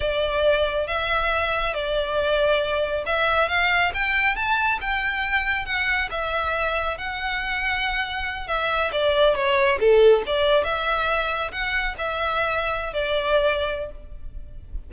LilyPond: \new Staff \with { instrumentName = "violin" } { \time 4/4 \tempo 4 = 138 d''2 e''2 | d''2. e''4 | f''4 g''4 a''4 g''4~ | g''4 fis''4 e''2 |
fis''2.~ fis''8 e''8~ | e''8 d''4 cis''4 a'4 d''8~ | d''8 e''2 fis''4 e''8~ | e''4.~ e''16 d''2~ d''16 | }